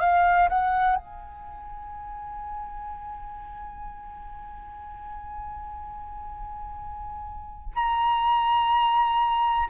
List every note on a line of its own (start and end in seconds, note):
0.00 0.48 F5
0.48 0.95 F#5
0.95 7.73 G#5
7.75 9.68 A#5